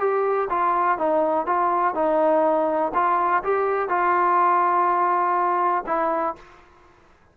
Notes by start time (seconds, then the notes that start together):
0.00 G4
0.50 F4
0.98 D#4
1.46 F4
1.95 D#4
2.94 F4
3.43 G4
3.89 F4
5.87 E4